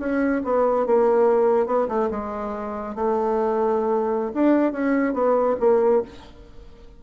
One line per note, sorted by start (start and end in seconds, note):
0.00 0.42 C#4
0.44 0.87 B3
0.87 1.67 A#3
1.67 1.88 B3
1.89 2.10 A3
2.11 2.95 G#3
2.95 4.33 A3
4.34 4.73 D4
4.73 5.14 C#4
5.14 5.56 B3
5.60 6.02 A#3